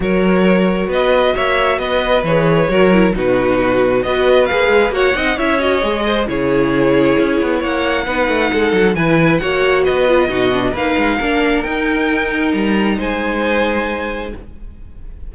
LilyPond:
<<
  \new Staff \with { instrumentName = "violin" } { \time 4/4 \tempo 4 = 134 cis''2 dis''4 e''4 | dis''4 cis''2 b'4~ | b'4 dis''4 f''4 fis''4 | e''8 dis''4. cis''2~ |
cis''4 fis''2. | gis''4 fis''4 dis''2 | f''2 g''2 | ais''4 gis''2. | }
  \new Staff \with { instrumentName = "violin" } { \time 4/4 ais'2 b'4 cis''4 | b'2 ais'4 fis'4~ | fis'4 b'2 cis''8 dis''8 | cis''4. c''8 gis'2~ |
gis'4 cis''4 b'4 a'4 | b'4 cis''4 b'4 fis'4 | b'4 ais'2.~ | ais'4 c''2. | }
  \new Staff \with { instrumentName = "viola" } { \time 4/4 fis'1~ | fis'4 gis'4 fis'8 e'8 dis'4~ | dis'4 fis'4 gis'4 fis'8 dis'8 | e'8 fis'8 gis'4 e'2~ |
e'2 dis'2 | e'4 fis'4. f'8 dis'8 d'8 | dis'4 d'4 dis'2~ | dis'1 | }
  \new Staff \with { instrumentName = "cello" } { \time 4/4 fis2 b4 ais4 | b4 e4 fis4 b,4~ | b,4 b4 ais8 gis8 ais8 c'8 | cis'4 gis4 cis2 |
cis'8 b8 ais4 b8 a8 gis8 fis8 | e4 ais4 b4 b,4 | ais8 gis8 ais4 dis'2 | g4 gis2. | }
>>